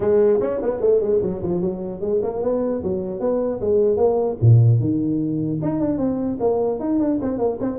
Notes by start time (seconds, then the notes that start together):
0.00 G#3
0.40 C#4
0.62 B3
0.80 A3
1.00 G#3
1.21 F#3
1.42 F3
1.61 F#3
2.01 G#3
2.22 A#3
2.42 B3
2.83 F#3
3.20 B3
3.61 G#3
3.96 A#3
4.41 A#2
4.80 D#3
5.62 D#4
5.79 D4
5.98 C4
6.40 A#3
6.79 D#4
6.99 D4
7.21 C4
7.38 A#3
7.60 C4